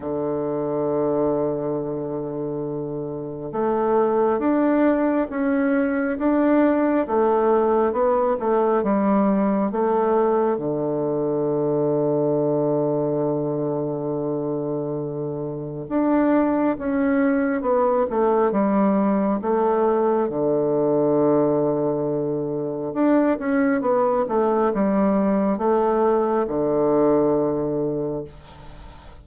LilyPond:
\new Staff \with { instrumentName = "bassoon" } { \time 4/4 \tempo 4 = 68 d1 | a4 d'4 cis'4 d'4 | a4 b8 a8 g4 a4 | d1~ |
d2 d'4 cis'4 | b8 a8 g4 a4 d4~ | d2 d'8 cis'8 b8 a8 | g4 a4 d2 | }